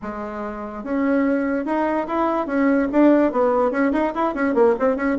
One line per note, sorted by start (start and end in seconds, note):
0.02 0.83 G#3
0.83 1.65 C#4
1.65 2.07 D#4
2.07 2.46 E4
2.46 2.88 C#4
2.92 3.31 D4
3.31 3.71 B3
3.71 3.92 C#4
3.92 4.13 D#4
4.15 4.34 E4
4.34 4.54 C#4
4.54 4.75 A#3
4.79 4.96 C4
4.96 5.17 C#4